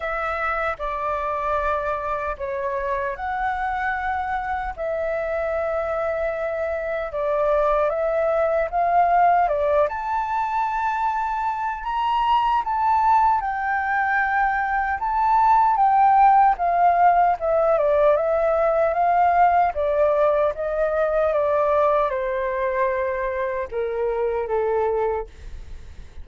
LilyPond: \new Staff \with { instrumentName = "flute" } { \time 4/4 \tempo 4 = 76 e''4 d''2 cis''4 | fis''2 e''2~ | e''4 d''4 e''4 f''4 | d''8 a''2~ a''8 ais''4 |
a''4 g''2 a''4 | g''4 f''4 e''8 d''8 e''4 | f''4 d''4 dis''4 d''4 | c''2 ais'4 a'4 | }